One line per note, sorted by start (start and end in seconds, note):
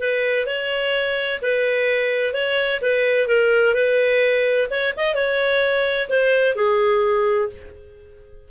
0.00 0.46 B4
0.46 1.40 C#5
1.42 2.34 B4
2.34 2.81 C#5
2.82 3.28 B4
3.28 3.74 A#4
3.74 4.68 B4
4.70 4.94 C#5
4.97 5.15 D#5
5.15 6.09 C#5
6.10 6.56 C5
6.56 7.50 G#4